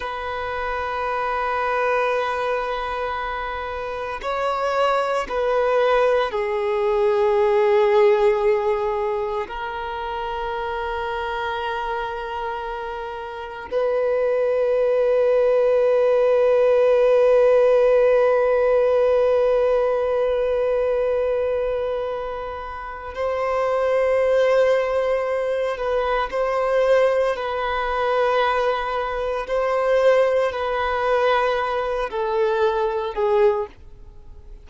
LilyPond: \new Staff \with { instrumentName = "violin" } { \time 4/4 \tempo 4 = 57 b'1 | cis''4 b'4 gis'2~ | gis'4 ais'2.~ | ais'4 b'2.~ |
b'1~ | b'2 c''2~ | c''8 b'8 c''4 b'2 | c''4 b'4. a'4 gis'8 | }